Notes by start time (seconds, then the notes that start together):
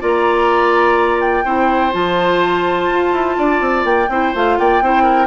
0.00 A#3 F4 D5 A#5
1.21 G5
1.45 C4 E4 C5
1.92 F3 F4 A5
2.89 F4
3.12 E4
3.38 D4 D5
3.61 C4
3.84 A#3 G5
4.09 C4 E4 C5
4.34 A3 F4 F5
4.58 A#3 D5 G5
4.81 C4 E4 C5
5.03 A#4